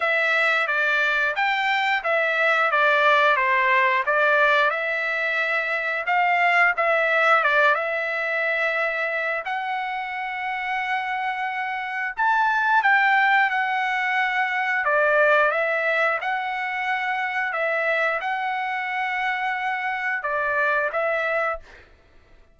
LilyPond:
\new Staff \with { instrumentName = "trumpet" } { \time 4/4 \tempo 4 = 89 e''4 d''4 g''4 e''4 | d''4 c''4 d''4 e''4~ | e''4 f''4 e''4 d''8 e''8~ | e''2 fis''2~ |
fis''2 a''4 g''4 | fis''2 d''4 e''4 | fis''2 e''4 fis''4~ | fis''2 d''4 e''4 | }